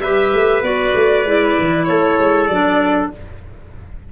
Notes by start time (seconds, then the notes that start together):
0.00 G3 G4 B4 E5
0.34 A3
0.63 B3 F#4 D5
0.95 A3
1.24 G#3 E4
1.59 E3
1.86 A3 A4 C#5
2.19 G#3
2.47 F#3 D4 D5